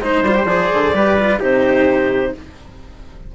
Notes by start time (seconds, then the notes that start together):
0.00 G#3 D#4 C5
0.23 G3 F4
0.35 G4
0.46 F3 G#4 D5
0.74 D3
0.93 G3 G4 B4
1.19 F4
1.40 C3 D#4 G4 C5